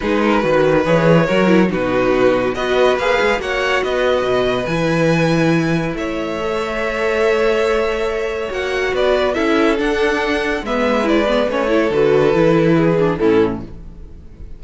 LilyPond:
<<
  \new Staff \with { instrumentName = "violin" } { \time 4/4 \tempo 4 = 141 b'2 cis''2 | b'2 dis''4 f''4 | fis''4 dis''2 gis''4~ | gis''2 e''2~ |
e''1 | fis''4 d''4 e''4 fis''4~ | fis''4 e''4 d''4 cis''4 | b'2. a'4 | }
  \new Staff \with { instrumentName = "violin" } { \time 4/4 gis'8 ais'8 b'2 ais'4 | fis'2 b'2 | cis''4 b'2.~ | b'2 cis''2~ |
cis''1~ | cis''4 b'4 a'2~ | a'4 b'2~ b'8 a'8~ | a'2 gis'4 e'4 | }
  \new Staff \with { instrumentName = "viola" } { \time 4/4 dis'4 fis'4 gis'4 fis'8 e'8 | dis'2 fis'4 gis'4 | fis'2. e'4~ | e'2. a'4~ |
a'1 | fis'2 e'4 d'4~ | d'4 b4 e'8 b8 cis'8 e'8 | fis'4 e'4. d'8 cis'4 | }
  \new Staff \with { instrumentName = "cello" } { \time 4/4 gis4 dis4 e4 fis4 | b,2 b4 ais8 gis8 | ais4 b4 b,4 e4~ | e2 a2~ |
a1 | ais4 b4 cis'4 d'4~ | d'4 gis2 a4 | d4 e2 a,4 | }
>>